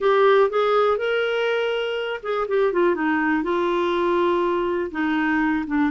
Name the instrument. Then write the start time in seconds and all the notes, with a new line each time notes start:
clarinet
0.00 G4
0.50 G#4
0.97 A#4
2.22 G#4
2.48 G4
2.72 F4
2.95 D#4
3.43 F4
4.91 D#4
5.66 D4